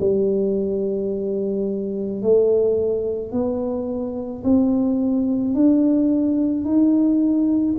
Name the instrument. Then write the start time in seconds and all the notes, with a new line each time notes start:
tuba
0.00 G3
2.22 A3
3.32 B3
4.43 C4
5.55 D4
6.64 D#4